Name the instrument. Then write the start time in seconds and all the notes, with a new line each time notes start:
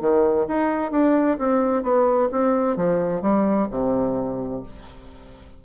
bassoon
0.00 D#3
0.47 D#4
0.91 D4
1.38 C4
1.83 B3
2.32 C4
2.76 F3
3.21 G3
3.70 C3